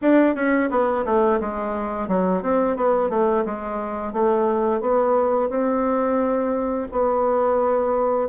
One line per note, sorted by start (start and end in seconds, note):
0.01 0.35 D4
0.35 0.69 C#4
0.70 1.05 B3
1.05 1.39 A3
1.40 2.08 G#3
2.08 2.42 F#3
2.42 2.76 C4
2.76 3.09 B3
3.09 3.44 A3
3.45 4.12 G#3
4.12 4.81 A3
4.81 5.49 B3
5.49 6.87 C4
6.91 8.29 B3